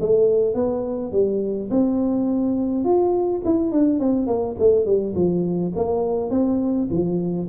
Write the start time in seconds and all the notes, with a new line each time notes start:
0.00 A3
0.54 B3
1.12 G3
1.70 C4
2.84 F4
3.45 E4
3.72 D4
3.99 C4
4.27 A#3
4.59 A3
4.85 G3
5.15 F3
5.75 A#3
6.30 C4
6.90 F3